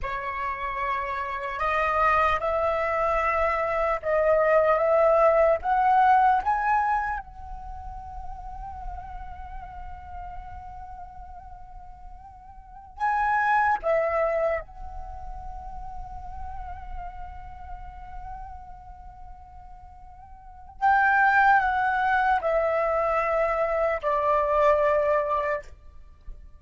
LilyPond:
\new Staff \with { instrumentName = "flute" } { \time 4/4 \tempo 4 = 75 cis''2 dis''4 e''4~ | e''4 dis''4 e''4 fis''4 | gis''4 fis''2.~ | fis''1~ |
fis''16 gis''4 e''4 fis''4.~ fis''16~ | fis''1~ | fis''2 g''4 fis''4 | e''2 d''2 | }